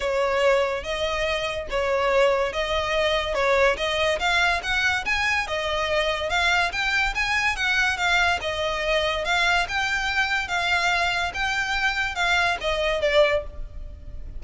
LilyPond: \new Staff \with { instrumentName = "violin" } { \time 4/4 \tempo 4 = 143 cis''2 dis''2 | cis''2 dis''2 | cis''4 dis''4 f''4 fis''4 | gis''4 dis''2 f''4 |
g''4 gis''4 fis''4 f''4 | dis''2 f''4 g''4~ | g''4 f''2 g''4~ | g''4 f''4 dis''4 d''4 | }